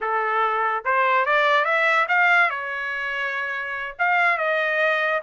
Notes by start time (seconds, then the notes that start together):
0.00 A4
0.84 C5
1.25 D5
1.64 E5
2.08 F5
2.50 C#5
3.98 F5
4.37 D#5